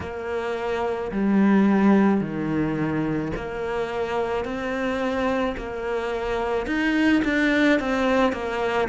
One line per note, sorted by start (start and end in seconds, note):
0.00 1.11 A#3
1.11 2.20 G3
2.20 3.31 D#3
3.35 4.44 A#3
4.44 5.56 C4
5.57 6.66 A#3
6.66 7.22 D#4
7.24 7.79 D4
7.79 8.32 C4
8.32 8.88 A#3